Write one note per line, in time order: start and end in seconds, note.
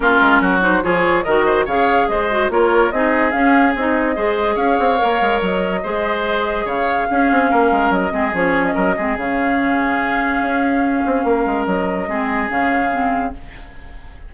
0.00 0.19 A#3
0.00 0.61 C#4
0.00 0.41 F4
0.00 0.61 A#4
0.21 0.40 G#3
0.40 0.82 F#3
0.40 0.83 F#4
0.61 0.82 D#4
0.61 0.83 C5
0.82 1.25 F3
0.82 1.24 F4
0.82 1.24 G#4
0.82 1.23 C#5
1.23 1.66 D#3
1.23 1.68 F#4
1.23 1.45 A#4
1.23 1.65 D#5
1.46 1.65 C5
1.65 2.08 C#3
1.65 2.30 G#4
1.65 2.07 C#5
1.65 2.08 F5
2.08 2.49 G#3
2.08 2.52 C5
2.08 2.50 D#5
2.30 2.50 F#4
2.49 2.91 A#3
2.49 2.92 F4
2.49 2.93 A#4
2.49 2.91 C#5
2.91 3.33 C4
2.91 3.31 D#4
2.91 4.15 G#4
2.91 3.31 D#5
3.31 3.73 C#4
3.31 3.75 C#4
3.31 3.73 F5
3.75 4.17 C4
3.75 4.15 D#4
3.75 4.56 D#5
4.15 4.56 G#3
4.15 4.98 G#4
4.15 4.55 C5
4.55 4.77 C#4
4.55 5.80 C#5
4.55 5.39 F5
4.79 5.00 C4
4.98 5.21 A#3
4.98 5.81 A#4
5.21 5.41 G#3
5.41 5.82 F#3
5.41 6.67 D#5
5.83 6.64 G#3
5.83 7.09 G#4
5.83 6.65 C5
6.64 7.06 C#3
6.64 7.07 C#5
6.64 7.92 F5
7.09 8.10 C#4
7.09 7.31 C#4
7.09 7.50 G#4
7.31 7.51 C4
7.50 7.71 A#3
7.50 8.12 A#4
7.71 7.90 G#3
7.90 8.11 F#3
7.90 8.34 D#5
8.10 8.33 G#3
8.10 8.31 C4
8.10 8.74 G#4
8.33 8.74 F3
8.33 8.96 C#4
8.33 8.65 C#5
8.65 9.17 D#5
8.74 8.97 F#3
8.74 8.95 A#4
8.97 9.16 G#3
8.97 9.17 C4
8.97 11.26 G#4
9.16 10.41 C#3
9.16 12.08 C#4
9.16 11.66 F5
10.41 11.03 C#4
11.06 11.24 C4
11.24 11.44 A#3
11.24 12.08 A#4
11.46 11.66 G#3
11.66 12.07 F#3
11.66 12.49 D#5
12.07 12.49 G#3
12.07 12.47 C4
12.07 13.33 G#4
12.47 13.34 C#3
12.47 12.89 C#4
12.47 13.33 F5
12.91 13.32 C4